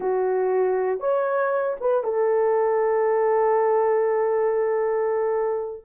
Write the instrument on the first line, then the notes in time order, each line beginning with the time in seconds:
horn
0.00 F#4
1.00 C#5
1.80 B4
2.03 A4